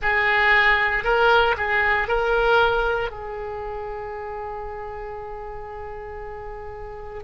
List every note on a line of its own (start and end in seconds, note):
0.01 1.03 G#4
1.03 1.55 A#4
1.57 2.08 G#4
2.08 3.10 A#4
3.10 7.23 G#4